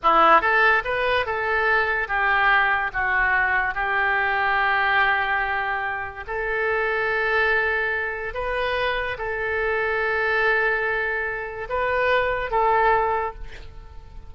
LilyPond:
\new Staff \with { instrumentName = "oboe" } { \time 4/4 \tempo 4 = 144 e'4 a'4 b'4 a'4~ | a'4 g'2 fis'4~ | fis'4 g'2.~ | g'2. a'4~ |
a'1 | b'2 a'2~ | a'1 | b'2 a'2 | }